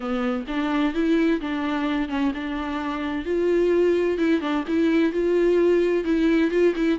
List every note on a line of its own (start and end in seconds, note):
0.00 0.44 B3
0.47 0.94 D4
0.94 1.40 E4
1.40 2.08 D4
2.08 2.32 C#4
2.34 3.25 D4
3.25 4.17 F4
4.17 4.41 E4
4.41 4.64 D4
4.67 5.12 E4
5.12 6.04 F4
6.04 6.50 E4
6.51 6.74 F4
6.75 6.99 E4